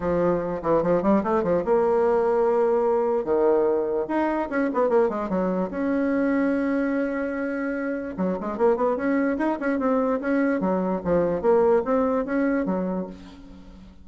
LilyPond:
\new Staff \with { instrumentName = "bassoon" } { \time 4/4 \tempo 4 = 147 f4. e8 f8 g8 a8 f8 | ais1 | dis2 dis'4 cis'8 b8 | ais8 gis8 fis4 cis'2~ |
cis'1 | fis8 gis8 ais8 b8 cis'4 dis'8 cis'8 | c'4 cis'4 fis4 f4 | ais4 c'4 cis'4 fis4 | }